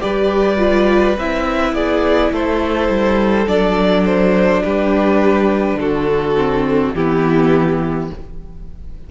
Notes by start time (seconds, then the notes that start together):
0.00 G3 G4 B4 D5
0.58 F4
1.17 C4 E4 E5
1.73 B3 G#4 D5
2.31 A3 A4 C5
2.88 G3
3.46 F#3 D4 D5
4.05 C5
4.63 G3 G4 B4
5.74 D3 F#4 A4
6.37 C4
6.94 E3 B3 E4 G4